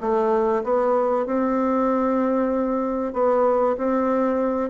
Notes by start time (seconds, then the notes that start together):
0.00 A3
0.63 B3
1.26 C4
3.13 B3
3.77 C4